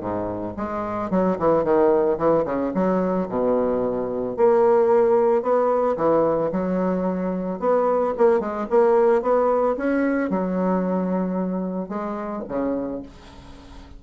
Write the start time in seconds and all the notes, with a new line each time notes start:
0.00 G#2
0.57 G#3
1.10 F#3
1.39 E3
1.64 D#3
2.18 E3
2.45 C#3
2.74 F#3
3.29 B2
4.37 A#3
5.42 B3
5.97 E3
6.52 F#3
7.59 B3
8.17 A#3
8.40 G#3
8.70 A#3
9.22 B3
9.77 C#4
10.30 F#3
11.89 G#3
12.48 C#3